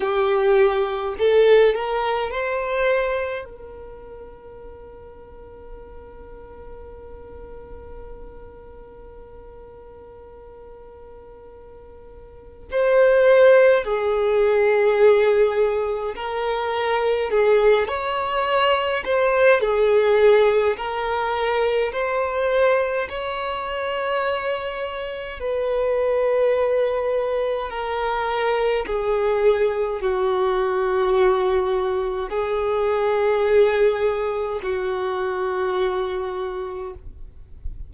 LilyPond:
\new Staff \with { instrumentName = "violin" } { \time 4/4 \tempo 4 = 52 g'4 a'8 ais'8 c''4 ais'4~ | ais'1~ | ais'2. c''4 | gis'2 ais'4 gis'8 cis''8~ |
cis''8 c''8 gis'4 ais'4 c''4 | cis''2 b'2 | ais'4 gis'4 fis'2 | gis'2 fis'2 | }